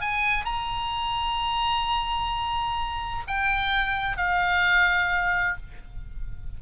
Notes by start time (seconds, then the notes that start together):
0.00 G#5
0.45 A#5
3.27 G5
4.16 F5